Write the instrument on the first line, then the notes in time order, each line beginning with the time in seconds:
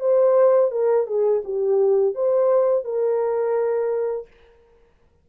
horn
0.00 C5
0.71 A#4
1.07 G#4
1.44 G4
2.15 C5
2.85 A#4